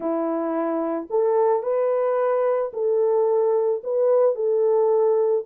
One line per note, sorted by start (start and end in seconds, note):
0.00 1.07 E4
1.09 1.62 A4
1.62 2.71 B4
2.73 3.82 A4
3.83 4.35 B4
4.35 5.44 A4